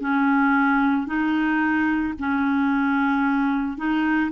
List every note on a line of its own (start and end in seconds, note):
0.00 1.07 C#4
1.07 2.14 D#4
2.19 3.77 C#4
3.77 4.31 D#4